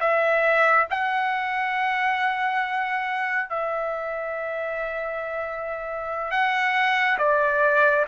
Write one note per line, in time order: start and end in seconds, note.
0.00 0.87 E5
0.90 3.49 F#5
3.49 6.30 E5
6.30 7.17 F#5
7.18 8.05 D5